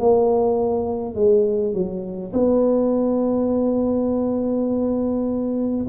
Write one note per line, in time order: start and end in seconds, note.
0.00 1.15 A#3
1.15 1.74 G#3
1.74 2.33 F#3
2.34 5.87 B3